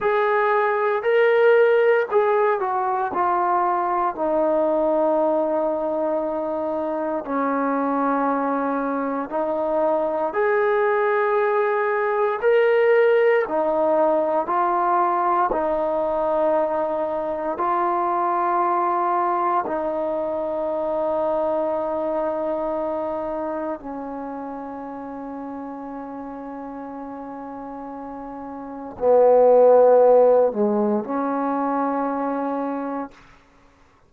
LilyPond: \new Staff \with { instrumentName = "trombone" } { \time 4/4 \tempo 4 = 58 gis'4 ais'4 gis'8 fis'8 f'4 | dis'2. cis'4~ | cis'4 dis'4 gis'2 | ais'4 dis'4 f'4 dis'4~ |
dis'4 f'2 dis'4~ | dis'2. cis'4~ | cis'1 | b4. gis8 cis'2 | }